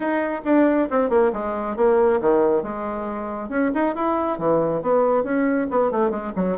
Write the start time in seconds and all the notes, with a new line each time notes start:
0.00 D#4
0.44 D4
0.90 C4
1.09 A#3
1.32 G#3
1.76 A#3
2.20 D#3
2.62 G#3
3.49 C#4
3.74 D#4
3.95 E4
4.38 E3
4.82 B3
5.23 C#4
5.70 B3
5.91 A3
6.10 G#3
6.35 F#3